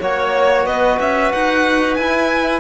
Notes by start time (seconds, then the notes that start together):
0.00 A#3 F#4 C#5
0.64 B3 B4 D#5
1.00 C#4 E5
1.32 D#4 F#5
1.95 E4 G#5